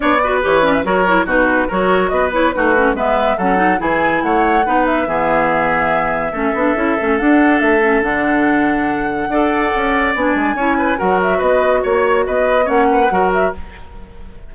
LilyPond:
<<
  \new Staff \with { instrumentName = "flute" } { \time 4/4 \tempo 4 = 142 d''4 cis''8 d''16 e''16 cis''4 b'4 | cis''4 dis''8 cis''8 b'4 e''4 | fis''4 gis''4 fis''4. e''8~ | e''1~ |
e''4 fis''4 e''4 fis''4~ | fis''1 | gis''2 fis''8 e''8 dis''4 | cis''4 dis''4 fis''4. e''8 | }
  \new Staff \with { instrumentName = "oboe" } { \time 4/4 cis''8 b'4. ais'4 fis'4 | ais'4 b'4 fis'4 b'4 | a'4 gis'4 cis''4 b'4 | gis'2. a'4~ |
a'1~ | a'2 d''2~ | d''4 cis''8 b'8 ais'4 b'4 | cis''4 b'4 cis''8 b'8 ais'4 | }
  \new Staff \with { instrumentName = "clarinet" } { \time 4/4 d'8 fis'8 g'8 cis'8 fis'8 e'8 dis'4 | fis'4. e'8 dis'8 cis'8 b4 | cis'8 dis'8 e'2 dis'4 | b2. cis'8 d'8 |
e'8 cis'8 d'4. cis'8 d'4~ | d'2 a'2 | d'4 e'4 fis'2~ | fis'2 cis'4 fis'4 | }
  \new Staff \with { instrumentName = "bassoon" } { \time 4/4 b4 e4 fis4 b,4 | fis4 b4 a4 gis4 | fis4 e4 a4 b4 | e2. a8 b8 |
cis'8 a8 d'4 a4 d4~ | d2 d'4 cis'4 | b8 gis8 cis'4 fis4 b4 | ais4 b4 ais4 fis4 | }
>>